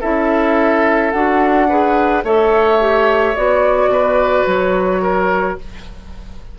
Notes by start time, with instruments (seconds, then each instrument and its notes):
0.00 bassoon C#4, clarinet E4, oboe A4, flute E5
1.11 bassoon D4, clarinet F#4, flute F#5
1.69 clarinet G#4, oboe B4
2.24 bassoon A3, clarinet A4, oboe C#5, flute E5
2.80 clarinet G4
3.36 bassoon B3, clarinet F#4, flute D5
3.87 bassoon B2, oboe B4
4.46 bassoon F#3, flute C#5
5.01 oboe A#4